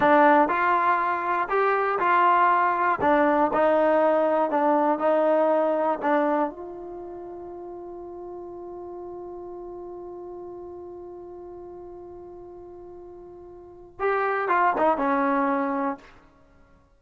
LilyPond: \new Staff \with { instrumentName = "trombone" } { \time 4/4 \tempo 4 = 120 d'4 f'2 g'4 | f'2 d'4 dis'4~ | dis'4 d'4 dis'2 | d'4 f'2.~ |
f'1~ | f'1~ | f'1 | g'4 f'8 dis'8 cis'2 | }